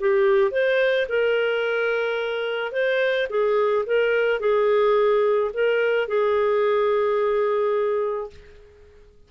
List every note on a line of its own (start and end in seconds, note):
0.00 0.51 G4
0.51 1.07 C5
1.09 2.72 A#4
2.72 3.28 C5
3.30 3.85 G#4
3.86 4.40 A#4
4.40 5.51 G#4
5.54 6.08 A#4
6.08 8.30 G#4